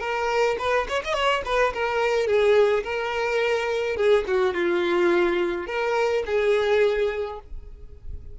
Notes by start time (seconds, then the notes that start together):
0.00 A#4
0.59 B4
0.89 C#5
1.04 D#5
1.13 C#5
1.45 B4
1.73 A#4
2.27 G#4
2.83 A#4
3.96 G#4
4.27 F#4
4.54 F4
5.67 A#4
6.26 G#4